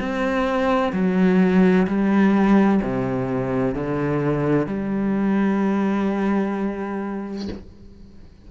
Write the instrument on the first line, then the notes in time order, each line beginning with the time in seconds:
cello
0.00 C4
0.93 F#3
1.87 G3
2.82 C3
3.75 D3
4.67 G3